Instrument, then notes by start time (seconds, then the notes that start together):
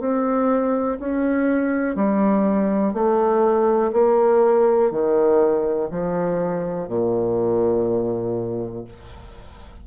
bassoon
0.00 C4
1.00 C#4
1.96 G3
2.94 A3
3.93 A#3
4.91 D#3
5.91 F3
6.88 A#2